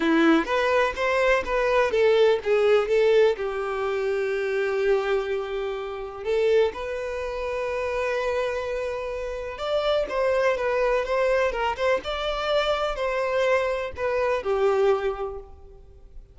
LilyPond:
\new Staff \with { instrumentName = "violin" } { \time 4/4 \tempo 4 = 125 e'4 b'4 c''4 b'4 | a'4 gis'4 a'4 g'4~ | g'1~ | g'4 a'4 b'2~ |
b'1 | d''4 c''4 b'4 c''4 | ais'8 c''8 d''2 c''4~ | c''4 b'4 g'2 | }